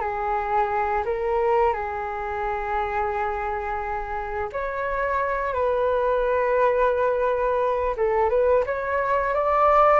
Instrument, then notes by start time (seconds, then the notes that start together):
flute
0.00 G#4
1.05 A#4
1.73 G#4
4.52 C#5
5.54 B4
7.97 A4
8.29 B4
8.66 C#5
9.34 D5